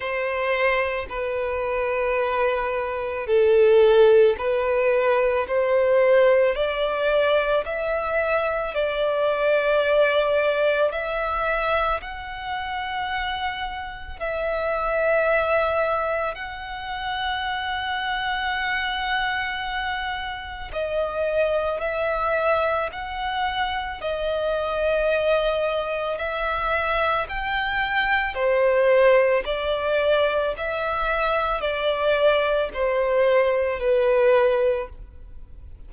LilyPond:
\new Staff \with { instrumentName = "violin" } { \time 4/4 \tempo 4 = 55 c''4 b'2 a'4 | b'4 c''4 d''4 e''4 | d''2 e''4 fis''4~ | fis''4 e''2 fis''4~ |
fis''2. dis''4 | e''4 fis''4 dis''2 | e''4 g''4 c''4 d''4 | e''4 d''4 c''4 b'4 | }